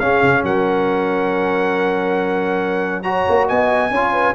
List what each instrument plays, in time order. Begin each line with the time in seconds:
0.00 tuba C#4, trombone C#4, horn G#4, trumpet F5
0.22 tuba C#3
0.43 tuba F#3, horn A#4, trumpet F#5
3.03 trombone F#4, horn C#5, trumpet A#5
3.30 tuba A#3
3.48 tuba B3, horn D#5, trumpet G#5
3.91 tuba C#4, trombone F4, horn C#5
4.13 horn B4